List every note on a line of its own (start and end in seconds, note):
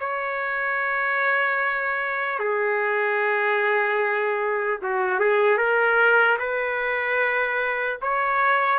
0.00 2.39 C#5
2.39 4.79 G#4
4.83 5.20 F#4
5.20 5.58 G#4
5.58 6.38 A#4
6.39 7.99 B4
8.02 8.80 C#5